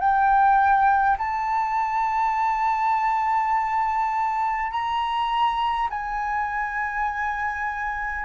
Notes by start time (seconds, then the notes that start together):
0.00 G5
1.19 A5
4.72 A#5
5.90 G#5